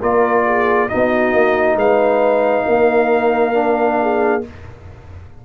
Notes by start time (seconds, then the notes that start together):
0.00 A#3 F4 A#4 D5
0.45 G#4
0.89 B3 D#4 F#4 D#5
1.33 A#3
1.76 G#3 B4 F5
2.65 A#3 A#4
3.53 D4
4.01 G#4